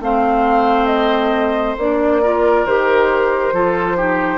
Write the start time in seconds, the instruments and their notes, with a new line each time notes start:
0.00 bassoon A3, clarinet C4, oboe C5, flute F5
0.86 flute D#5
1.77 bassoon A#3, clarinet D4, flute D5
2.22 clarinet F4, oboe A#4
2.65 bassoon D#3, clarinet G4, flute C5
3.52 bassoon F3, clarinet F4, oboe A4
3.96 clarinet D#4, oboe G4